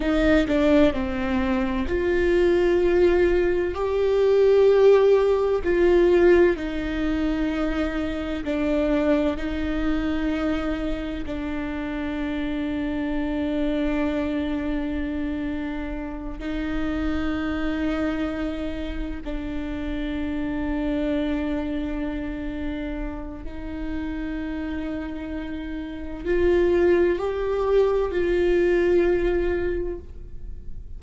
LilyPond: \new Staff \with { instrumentName = "viola" } { \time 4/4 \tempo 4 = 64 dis'8 d'8 c'4 f'2 | g'2 f'4 dis'4~ | dis'4 d'4 dis'2 | d'1~ |
d'4. dis'2~ dis'8~ | dis'8 d'2.~ d'8~ | d'4 dis'2. | f'4 g'4 f'2 | }